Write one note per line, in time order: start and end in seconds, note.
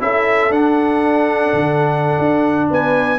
0.00 0.50 C#4
0.00 0.51 E4
0.00 2.70 A4
0.00 0.52 E5
0.50 1.52 D4
0.50 3.19 D4
0.50 2.70 F#5
1.53 2.18 D3
2.19 2.70 D4
2.70 3.19 B3
2.70 3.19 B4
2.70 3.19 G#5